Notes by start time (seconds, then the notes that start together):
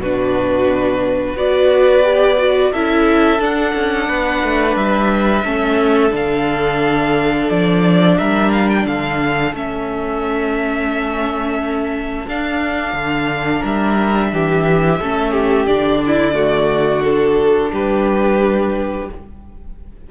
0.00 B2 D4 F#4 B4
1.35 B3 F#4 B4 D5
2.03 G4
2.39 F#4
2.72 C#4 E4 A4 E5
3.39 D4 F#5
3.75 C#4
4.08 B3 B4
4.44 A3
4.76 G3 E5
5.44 A3 C#4 A4
6.11 D3 D4 F5
7.50 F3 D5
8.18 G3 A#4 E5
8.52 F5
8.69 G5
8.86 D3 A4 F5
9.54 A3 C#4 E5
12.28 D4 F5
12.93 D3
13.59 G3 A#4
13.66 E5
14.33 E3 G4
15.00 A3 C#4 A4
15.32 G4
15.67 D3 D4 D5
16.07 E4
16.34 A3 F#4
17.04 D4 A4
17.73 G3 G4 B4